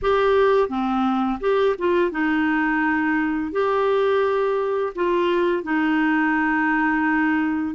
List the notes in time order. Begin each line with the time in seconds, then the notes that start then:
0.02 G4
0.68 C4
1.40 G4
1.78 F4
2.11 D#4
3.52 G4
4.95 F4
5.63 D#4